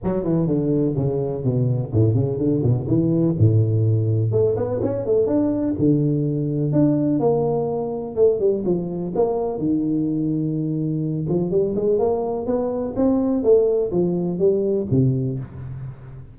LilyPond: \new Staff \with { instrumentName = "tuba" } { \time 4/4 \tempo 4 = 125 fis8 e8 d4 cis4 b,4 | a,8 cis8 d8 b,8 e4 a,4~ | a,4 a8 b8 cis'8 a8 d'4 | d2 d'4 ais4~ |
ais4 a8 g8 f4 ais4 | dis2.~ dis8 f8 | g8 gis8 ais4 b4 c'4 | a4 f4 g4 c4 | }